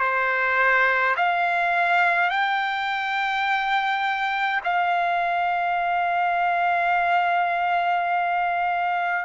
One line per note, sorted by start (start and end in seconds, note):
0.00 1.15 C5
1.16 2.30 F5
2.30 4.60 G5
4.64 9.25 F5